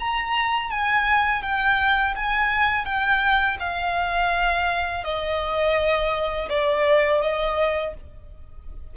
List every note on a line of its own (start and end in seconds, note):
0.00 0.71 A#5
0.71 1.43 G#5
1.43 2.15 G5
2.16 2.85 G#5
2.85 3.58 G5
3.60 5.04 F5
5.04 6.49 D#5
6.50 7.22 D5
7.22 7.94 D#5